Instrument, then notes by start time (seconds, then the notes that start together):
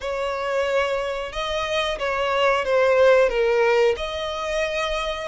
violin
0.00 C#5
1.32 D#5
1.98 C#5
2.64 C5
3.29 A#4
3.97 D#5